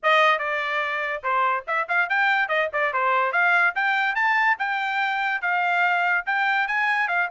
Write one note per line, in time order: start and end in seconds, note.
0.02 0.39 D#5
0.39 1.22 D5
1.23 1.64 C5
1.67 1.87 E5
1.88 2.09 F5
2.09 2.48 G5
2.48 2.69 D#5
2.72 2.93 D5
2.93 3.32 C5
3.32 3.74 F5
3.75 4.15 G5
4.15 4.57 A5
4.59 5.41 G5
5.41 6.24 F5
6.26 6.67 G5
6.67 7.08 G#5
7.08 7.28 F5